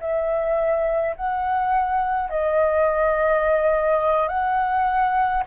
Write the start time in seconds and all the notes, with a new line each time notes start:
0.00 E5
1.16 F#5
2.30 D#5
4.28 F#5